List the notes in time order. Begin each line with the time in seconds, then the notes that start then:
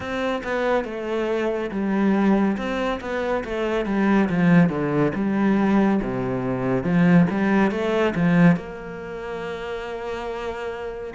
0.00 C4
0.43 B3
0.84 A3
1.71 G3
2.57 C4
3.00 B3
3.44 A3
3.85 G3
4.29 F3
4.69 D3
5.14 G3
6.02 C3
6.83 F3
7.30 G3
7.71 A3
8.15 F3
8.56 A#3